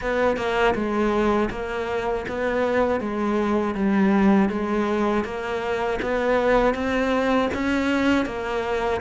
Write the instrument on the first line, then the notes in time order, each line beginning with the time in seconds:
cello
0.01 B3
0.36 A#3
0.74 G#3
1.50 A#3
2.28 B3
3.00 G#3
3.74 G3
4.49 G#3
5.24 A#3
6.01 B3
6.74 C4
7.54 C#4
8.25 A#3